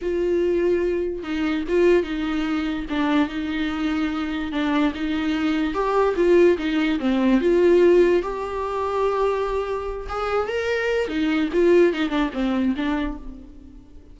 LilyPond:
\new Staff \with { instrumentName = "viola" } { \time 4/4 \tempo 4 = 146 f'2. dis'4 | f'4 dis'2 d'4 | dis'2. d'4 | dis'2 g'4 f'4 |
dis'4 c'4 f'2 | g'1~ | g'8 gis'4 ais'4. dis'4 | f'4 dis'8 d'8 c'4 d'4 | }